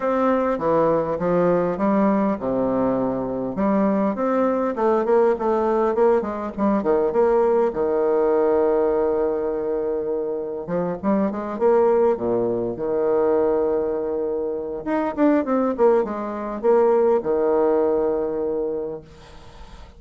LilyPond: \new Staff \with { instrumentName = "bassoon" } { \time 4/4 \tempo 4 = 101 c'4 e4 f4 g4 | c2 g4 c'4 | a8 ais8 a4 ais8 gis8 g8 dis8 | ais4 dis2.~ |
dis2 f8 g8 gis8 ais8~ | ais8 ais,4 dis2~ dis8~ | dis4 dis'8 d'8 c'8 ais8 gis4 | ais4 dis2. | }